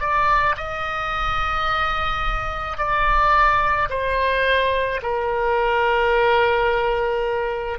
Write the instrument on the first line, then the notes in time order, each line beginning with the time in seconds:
oboe
0.00 D5
0.57 D#5
2.78 D5
3.90 C5
5.02 A#4